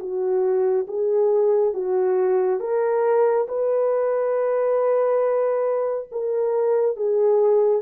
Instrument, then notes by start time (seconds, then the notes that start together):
horn
0.00 F#4
0.88 G#4
1.74 F#4
2.60 A#4
3.48 B4
6.12 A#4
6.97 G#4